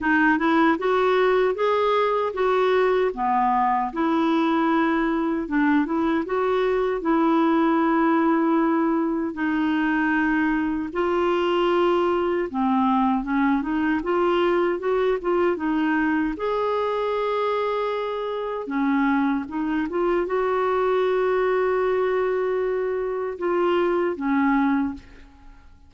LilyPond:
\new Staff \with { instrumentName = "clarinet" } { \time 4/4 \tempo 4 = 77 dis'8 e'8 fis'4 gis'4 fis'4 | b4 e'2 d'8 e'8 | fis'4 e'2. | dis'2 f'2 |
c'4 cis'8 dis'8 f'4 fis'8 f'8 | dis'4 gis'2. | cis'4 dis'8 f'8 fis'2~ | fis'2 f'4 cis'4 | }